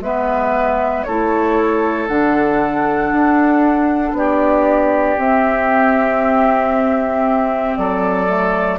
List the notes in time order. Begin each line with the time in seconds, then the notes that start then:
0.00 G#3 B3 B4 E5
1.03 A3 E4 A4 C#5
2.08 D3 D4 F#5
3.12 D4
4.12 B3 G4 D5
5.17 C4 E5
7.76 F#3 A4 D5
8.27 A3